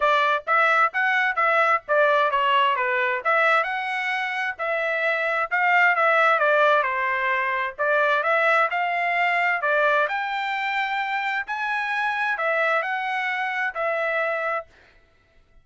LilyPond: \new Staff \with { instrumentName = "trumpet" } { \time 4/4 \tempo 4 = 131 d''4 e''4 fis''4 e''4 | d''4 cis''4 b'4 e''4 | fis''2 e''2 | f''4 e''4 d''4 c''4~ |
c''4 d''4 e''4 f''4~ | f''4 d''4 g''2~ | g''4 gis''2 e''4 | fis''2 e''2 | }